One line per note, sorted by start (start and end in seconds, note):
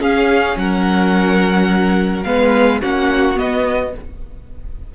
0.00 0.56 C#4
0.00 2.25 C#4
0.00 0.57 G#4
0.00 0.58 F5
0.56 2.25 F#3
0.56 2.27 A#4
0.56 2.23 F#5
2.23 2.82 G#3
2.23 2.81 B3
2.23 2.80 B4
2.23 2.80 F5
2.80 3.38 A#3
2.80 3.35 C#4
2.80 3.92 F#4
2.80 3.39 F#5
3.35 3.91 B3
3.35 3.95 B3
3.35 3.95 D#5